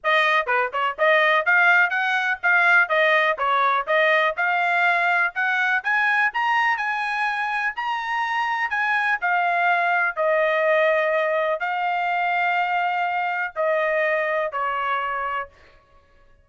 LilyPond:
\new Staff \with { instrumentName = "trumpet" } { \time 4/4 \tempo 4 = 124 dis''4 b'8 cis''8 dis''4 f''4 | fis''4 f''4 dis''4 cis''4 | dis''4 f''2 fis''4 | gis''4 ais''4 gis''2 |
ais''2 gis''4 f''4~ | f''4 dis''2. | f''1 | dis''2 cis''2 | }